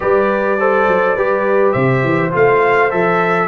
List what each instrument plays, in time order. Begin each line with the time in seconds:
0.00 tuba G3, trombone G4, horn B4, trumpet D5
0.59 trombone A4, horn C5
0.87 tuba F#3
1.16 tuba G3, trombone G4, horn B4
1.71 tuba C3, horn C5, trumpet E5
2.03 tuba E3
2.31 tuba A3, trombone F4, trumpet F5
2.90 tuba F3, trombone A4, trumpet E5